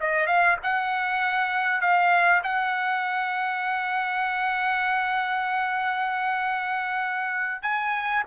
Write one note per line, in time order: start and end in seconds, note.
0.00 0.27 D#5
0.27 0.57 F5
0.63 1.81 F#5
1.81 2.42 F5
2.44 7.62 F#5
7.62 8.23 G#5